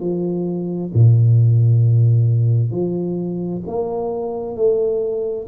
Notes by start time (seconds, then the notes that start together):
0.00 F3
0.94 A#2
2.71 F3
3.66 A#3
4.56 A3